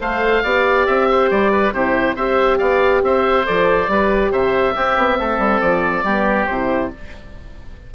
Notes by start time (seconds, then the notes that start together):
0.00 A3 A4 C5 F5
0.43 B3 G4 D5
0.86 C4 E5
1.11 C5
1.30 G3 D5
1.52 B4
1.72 C3 E4 G4 C5
2.15 C4 G4 C5 E5
2.58 B3 D5 F5
3.02 C4 C5 E5
3.45 F3 A4 D5
3.88 G3 G4 B4
4.31 C3 C5 E5
4.75 C4 G4
4.97 B3
5.19 A3 A4
5.38 G3
5.61 F3 D5
6.04 G3 B3 G4
6.46 C3 E4 C5